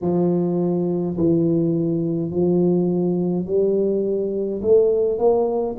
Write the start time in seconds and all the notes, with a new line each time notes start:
0.01 F3
1.17 E3
2.30 F3
3.46 G3
4.62 A3
5.18 A#3